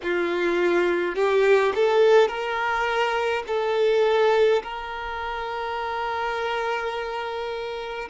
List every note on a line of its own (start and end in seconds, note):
0.03 1.15 F4
1.15 1.73 G4
1.75 2.28 A4
2.28 3.43 A#4
3.47 4.62 A4
4.62 8.08 A#4